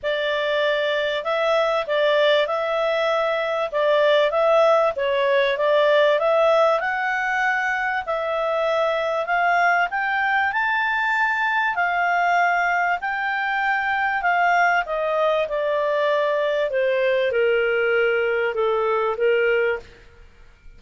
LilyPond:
\new Staff \with { instrumentName = "clarinet" } { \time 4/4 \tempo 4 = 97 d''2 e''4 d''4 | e''2 d''4 e''4 | cis''4 d''4 e''4 fis''4~ | fis''4 e''2 f''4 |
g''4 a''2 f''4~ | f''4 g''2 f''4 | dis''4 d''2 c''4 | ais'2 a'4 ais'4 | }